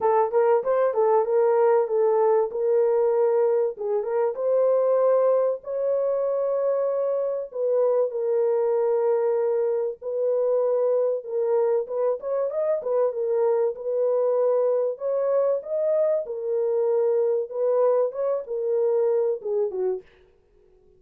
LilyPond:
\new Staff \with { instrumentName = "horn" } { \time 4/4 \tempo 4 = 96 a'8 ais'8 c''8 a'8 ais'4 a'4 | ais'2 gis'8 ais'8 c''4~ | c''4 cis''2. | b'4 ais'2. |
b'2 ais'4 b'8 cis''8 | dis''8 b'8 ais'4 b'2 | cis''4 dis''4 ais'2 | b'4 cis''8 ais'4. gis'8 fis'8 | }